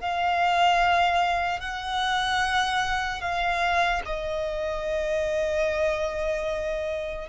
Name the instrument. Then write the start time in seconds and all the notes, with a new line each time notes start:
violin
0.00 F5
1.60 F#5
3.21 F5
4.05 D#5